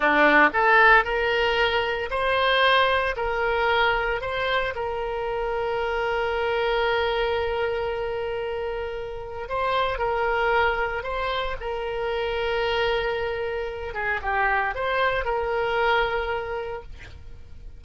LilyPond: \new Staff \with { instrumentName = "oboe" } { \time 4/4 \tempo 4 = 114 d'4 a'4 ais'2 | c''2 ais'2 | c''4 ais'2.~ | ais'1~ |
ais'2 c''4 ais'4~ | ais'4 c''4 ais'2~ | ais'2~ ais'8 gis'8 g'4 | c''4 ais'2. | }